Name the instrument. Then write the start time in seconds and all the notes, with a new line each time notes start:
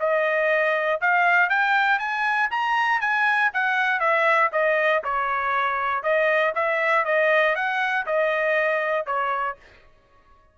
trumpet
0.00 D#5
1.01 F5
1.50 G5
1.99 G#5
2.51 A#5
3.01 G#5
3.53 F#5
4.00 E5
4.52 D#5
5.04 C#5
6.03 D#5
6.55 E5
7.05 D#5
7.56 F#5
8.06 D#5
9.06 C#5